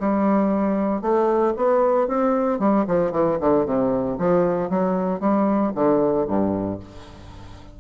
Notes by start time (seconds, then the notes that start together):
0.00 G3
1.02 A3
1.56 B3
2.08 C4
2.59 G3
2.87 F3
3.12 E3
3.40 D3
3.66 C3
4.18 F3
4.70 F#3
5.20 G3
5.75 D3
6.28 G2